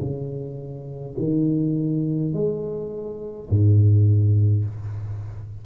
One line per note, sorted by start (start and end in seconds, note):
0.00 1.15 C#3
1.19 2.33 D#3
2.33 3.49 G#3
3.49 4.65 G#2